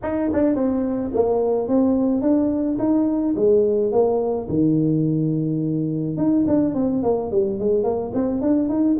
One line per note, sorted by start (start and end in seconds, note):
0.02 0.30 D#4
0.33 0.55 D4
0.55 1.11 C4
1.14 1.68 A#3
1.68 2.21 C4
2.21 2.77 D4
2.78 3.34 D#4
3.36 3.92 G#3
3.92 4.48 A#3
4.49 6.17 D#3
6.17 6.45 D#4
6.47 6.74 D4
6.74 7.02 C4
7.02 7.30 A#3
7.31 7.59 G3
7.59 7.83 G#3
7.83 8.11 A#3
8.13 8.41 C4
8.41 8.69 D4
8.69 8.97 D#4